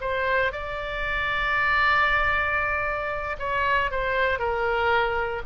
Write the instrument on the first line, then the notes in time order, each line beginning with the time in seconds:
oboe
0.00 C5
0.52 D5
3.39 C#5
3.91 C5
4.38 A#4